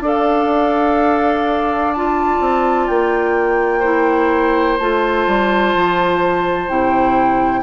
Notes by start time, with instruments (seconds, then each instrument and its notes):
0.00 bassoon D4, clarinet A4, oboe D5
0.07 flute F5
1.93 clarinet F4, flute A5
2.40 bassoon C4
2.87 bassoon A#3, flute G5
3.79 clarinet E4, oboe C5
4.78 bassoon A3, clarinet F4, flute A5
5.27 bassoon G3
5.74 bassoon F3
6.68 bassoon C3, clarinet E4, flute G5